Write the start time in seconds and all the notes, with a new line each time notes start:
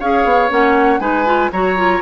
0.00 C#4 G#4 C#5 F5
0.25 B3
0.49 A#3 C#4 F#5
1.00 G#3 D#4 B4 G#5
1.26 F4
1.53 F#3 F#4 C#5 A#5
1.77 F4